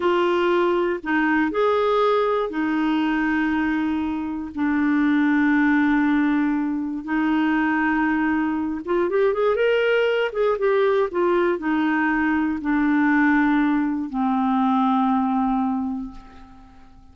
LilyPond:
\new Staff \with { instrumentName = "clarinet" } { \time 4/4 \tempo 4 = 119 f'2 dis'4 gis'4~ | gis'4 dis'2.~ | dis'4 d'2.~ | d'2 dis'2~ |
dis'4. f'8 g'8 gis'8 ais'4~ | ais'8 gis'8 g'4 f'4 dis'4~ | dis'4 d'2. | c'1 | }